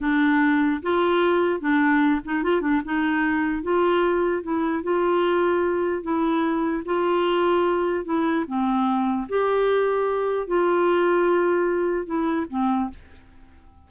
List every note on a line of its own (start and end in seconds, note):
0.01 0.81 D4
0.82 1.60 F4
1.60 2.20 D4
2.24 2.43 D#4
2.43 2.61 F4
2.61 2.81 D4
2.84 3.63 D#4
3.63 4.42 F4
4.42 4.83 E4
4.83 6.02 F4
6.02 6.83 E4
6.85 8.04 F4
8.04 8.45 E4
8.47 9.27 C4
9.28 10.47 G4
10.47 12.05 F4
12.05 12.46 E4
12.49 12.90 C4